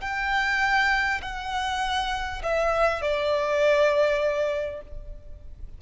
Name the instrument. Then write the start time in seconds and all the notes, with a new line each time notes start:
violin
0.00 G5
1.22 F#5
2.42 E5
3.01 D5